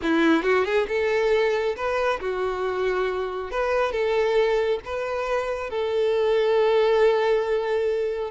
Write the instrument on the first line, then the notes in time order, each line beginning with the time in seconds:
violin
0.02 E4
0.42 F#4
0.64 G#4
0.88 A4
1.76 B4
2.20 F#4
3.51 B4
3.92 A4
4.84 B4
5.70 A4